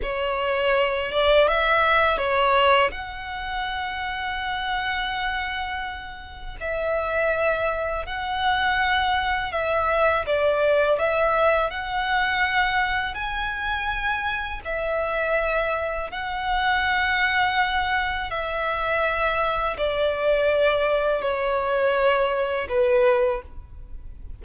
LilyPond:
\new Staff \with { instrumentName = "violin" } { \time 4/4 \tempo 4 = 82 cis''4. d''8 e''4 cis''4 | fis''1~ | fis''4 e''2 fis''4~ | fis''4 e''4 d''4 e''4 |
fis''2 gis''2 | e''2 fis''2~ | fis''4 e''2 d''4~ | d''4 cis''2 b'4 | }